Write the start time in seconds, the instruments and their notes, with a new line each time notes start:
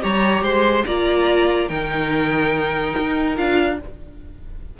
0.00 cello G3, viola G4, violin C#5 A#5
0.42 cello G#3, violin C5 C6
0.85 cello A#3, viola F4, violin D5 A#5
1.68 cello D#3, viola D#4, violin A#4 G5
2.98 cello D#4
3.36 cello D4, viola F4, violin F5